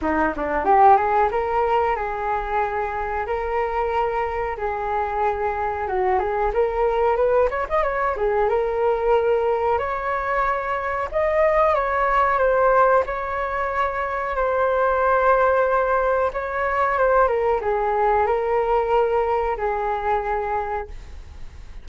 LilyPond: \new Staff \with { instrumentName = "flute" } { \time 4/4 \tempo 4 = 92 dis'8 d'8 g'8 gis'8 ais'4 gis'4~ | gis'4 ais'2 gis'4~ | gis'4 fis'8 gis'8 ais'4 b'8 cis''16 dis''16 | cis''8 gis'8 ais'2 cis''4~ |
cis''4 dis''4 cis''4 c''4 | cis''2 c''2~ | c''4 cis''4 c''8 ais'8 gis'4 | ais'2 gis'2 | }